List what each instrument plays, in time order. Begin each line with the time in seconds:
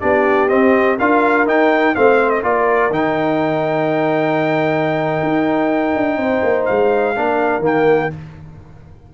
0.00 tuba B3, trombone D4, horn G4, trumpet D5
0.48 trombone C4, tuba C4, trumpet D#5
0.97 tuba D4, trombone F4, horn A#4, trumpet F5
1.46 tuba D#4, trombone D#4, trumpet G5
1.95 tuba A3, trombone C4, horn C5, trumpet F5
2.30 trumpet D#5
2.42 tuba A#3, trombone F4, horn A#4, trumpet D5
2.90 tuba D#3, trombone D#4, trumpet G5
5.23 tuba D#4
5.96 tuba D4
6.17 tuba C4, horn C5
6.43 tuba A#3
6.65 tuba G#3, trumpet F5
7.16 tuba A#3, trombone D4, horn A#4
7.59 tuba D#3, trombone A#3
7.65 trumpet G5